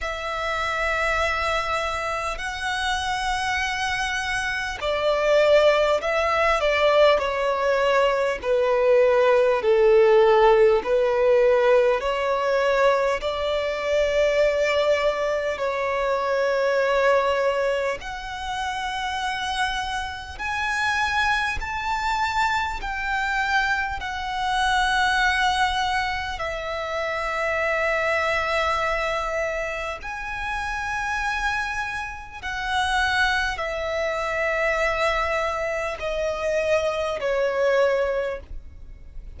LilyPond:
\new Staff \with { instrumentName = "violin" } { \time 4/4 \tempo 4 = 50 e''2 fis''2 | d''4 e''8 d''8 cis''4 b'4 | a'4 b'4 cis''4 d''4~ | d''4 cis''2 fis''4~ |
fis''4 gis''4 a''4 g''4 | fis''2 e''2~ | e''4 gis''2 fis''4 | e''2 dis''4 cis''4 | }